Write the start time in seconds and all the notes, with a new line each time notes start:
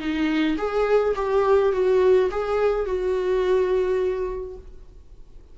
0.00 D#4
0.58 G#4
1.16 G4
1.73 F#4
2.31 G#4
2.86 F#4